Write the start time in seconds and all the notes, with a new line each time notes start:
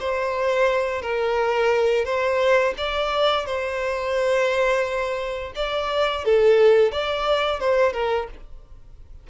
0.00 C5
1.02 A#4
2.05 C5
2.77 D5
3.45 C5
5.55 D5
6.24 A4
6.92 D5
7.60 C5
7.93 A#4